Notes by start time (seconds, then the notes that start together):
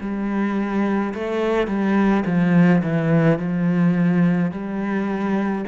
0.00 G3
1.14 A3
1.67 G3
2.25 F3
2.83 E3
3.38 F3
4.51 G3